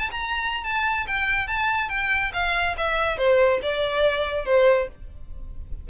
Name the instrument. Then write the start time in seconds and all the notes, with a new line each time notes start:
violin
0.00 A5
0.12 A#5
0.64 A5
1.07 G5
1.48 A5
1.90 G5
2.34 F5
2.78 E5
3.18 C5
3.63 D5
4.46 C5